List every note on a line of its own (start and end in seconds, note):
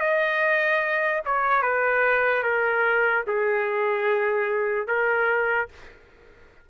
0.00 1.22 D#5
1.25 1.62 C#5
1.62 2.43 B4
2.43 3.24 A#4
3.27 4.87 G#4
4.87 5.68 A#4